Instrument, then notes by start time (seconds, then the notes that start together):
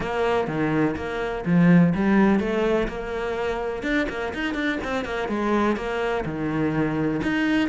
cello
0.00 A#3
0.47 D#3
0.96 A#3
1.45 F3
1.94 G3
2.39 A3
2.88 A#3
3.82 D4
4.09 A#3
4.34 D#4
4.54 D4
4.83 C4
5.04 A#3
5.28 G#3
5.76 A#3
6.25 D#3
7.22 D#4